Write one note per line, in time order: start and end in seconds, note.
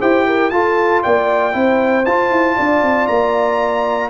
0.00 0.51 E4
0.00 0.51 G4
0.00 0.26 C5
0.00 0.50 G5
0.27 0.52 A#4
0.50 1.03 F4
0.50 1.52 F4
0.50 1.03 A4
0.50 1.02 A5
1.03 1.55 A#3
1.03 1.54 D5
1.03 2.05 G5
1.52 2.06 C4
1.52 2.04 E4
1.52 2.56 C5
2.05 2.31 F4
2.05 4.10 F4
2.05 3.07 A5
2.31 2.57 E4
2.56 2.82 D4
2.56 4.10 D5
2.82 3.08 C4
3.07 4.10 A#3
3.07 4.10 A#5